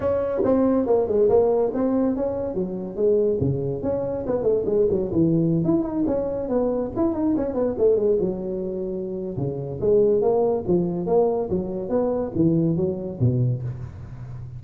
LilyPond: \new Staff \with { instrumentName = "tuba" } { \time 4/4 \tempo 4 = 141 cis'4 c'4 ais8 gis8 ais4 | c'4 cis'4 fis4 gis4 | cis4 cis'4 b8 a8 gis8 fis8 | e4~ e16 e'8 dis'8 cis'4 b8.~ |
b16 e'8 dis'8 cis'8 b8 a8 gis8 fis8.~ | fis2 cis4 gis4 | ais4 f4 ais4 fis4 | b4 e4 fis4 b,4 | }